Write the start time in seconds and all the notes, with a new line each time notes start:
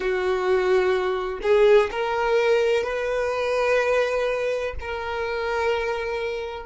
0.00 F#4
1.42 G#4
1.90 A#4
2.83 B4
4.80 A#4